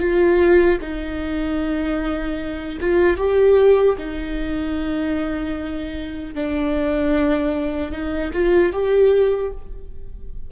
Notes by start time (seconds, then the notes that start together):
0.00 F4
0.82 D#4
2.81 F4
3.18 G4
3.98 D#4
6.35 D4
7.92 D#4
8.34 F4
8.73 G4